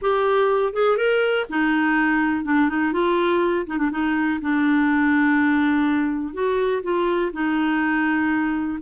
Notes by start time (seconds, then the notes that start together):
0.01 G4
0.73 G#4
0.97 A#4
1.49 D#4
2.44 D4
2.69 D#4
2.92 F4
3.66 D#4
3.78 D4
3.91 D#4
4.41 D4
6.33 F#4
6.82 F4
7.32 D#4